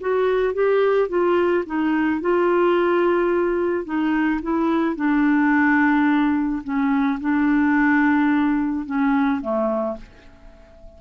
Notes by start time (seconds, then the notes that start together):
0.00 F#4
0.53 G4
1.08 F4
1.66 D#4
2.20 F4
3.85 D#4
4.42 E4
4.95 D4
6.63 C#4
7.20 D4
8.86 C#4
9.41 A3